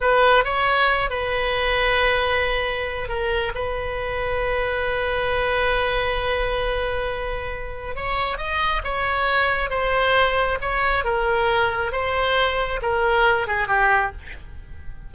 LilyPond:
\new Staff \with { instrumentName = "oboe" } { \time 4/4 \tempo 4 = 136 b'4 cis''4. b'4.~ | b'2. ais'4 | b'1~ | b'1~ |
b'2 cis''4 dis''4 | cis''2 c''2 | cis''4 ais'2 c''4~ | c''4 ais'4. gis'8 g'4 | }